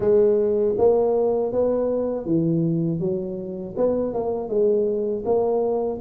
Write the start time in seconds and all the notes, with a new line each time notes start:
0.00 G#3
0.78 A#3
1.52 B3
2.25 E3
2.99 F#3
3.76 B3
4.13 A#3
4.48 G#3
5.25 A#3